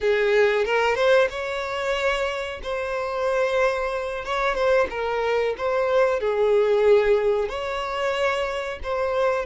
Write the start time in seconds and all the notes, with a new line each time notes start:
0.00 G#4
0.65 A#4
0.95 C5
1.30 C#5
2.62 C5
4.24 C#5
4.54 C5
4.89 A#4
5.57 C5
6.20 G#4
7.48 C#5
8.83 C5